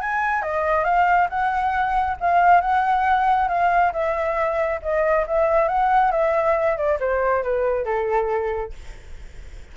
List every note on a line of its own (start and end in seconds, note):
0.00 0.42 G#5
0.42 0.84 D#5
0.84 1.28 F5
1.29 2.17 F#5
2.20 2.61 F5
2.61 3.48 F#5
3.48 3.92 F5
3.92 4.80 E5
4.82 5.26 D#5
5.27 5.68 E5
5.68 6.11 F#5
6.11 6.76 E5
6.76 6.98 D5
7.00 7.43 C5
7.43 7.85 B4
7.85 8.72 A4